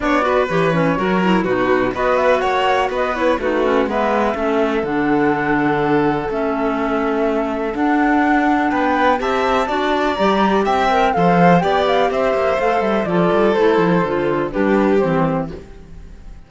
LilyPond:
<<
  \new Staff \with { instrumentName = "flute" } { \time 4/4 \tempo 4 = 124 d''4 cis''2 b'4 | dis''8 e''8 fis''4 dis''8 cis''8 b'4 | e''2 fis''2~ | fis''4 e''2. |
fis''2 g''4 a''4~ | a''4 ais''4 g''4 f''4 | g''8 f''8 e''4 f''8 e''8 d''4 | c''2 b'4 c''4 | }
  \new Staff \with { instrumentName = "violin" } { \time 4/4 cis''8 b'4. ais'4 fis'4 | b'4 cis''4 b'4 fis'4 | b'4 a'2.~ | a'1~ |
a'2 b'4 e''4 | d''2 e''4 c''4 | d''4 c''2 a'4~ | a'2 g'2 | }
  \new Staff \with { instrumentName = "clarinet" } { \time 4/4 d'8 fis'8 g'8 cis'8 fis'8 e'8 dis'4 | fis'2~ fis'8 e'8 dis'8 cis'8 | b4 cis'4 d'2~ | d'4 cis'2. |
d'2. g'4 | fis'4 g'4. ais'8 a'4 | g'2 a'4 f'4 | e'4 f'4 d'4 c'4 | }
  \new Staff \with { instrumentName = "cello" } { \time 4/4 b4 e4 fis4 b,4 | b4 ais4 b4 a4 | gis4 a4 d2~ | d4 a2. |
d'2 b4 c'4 | d'4 g4 c'4 f4 | b4 c'8 ais8 a8 g8 f8 g8 | a8 f8 d4 g4 e4 | }
>>